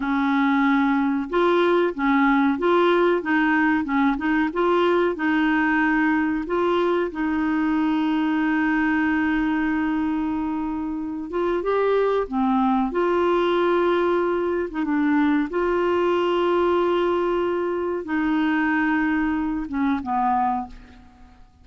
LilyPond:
\new Staff \with { instrumentName = "clarinet" } { \time 4/4 \tempo 4 = 93 cis'2 f'4 cis'4 | f'4 dis'4 cis'8 dis'8 f'4 | dis'2 f'4 dis'4~ | dis'1~ |
dis'4. f'8 g'4 c'4 | f'2~ f'8. dis'16 d'4 | f'1 | dis'2~ dis'8 cis'8 b4 | }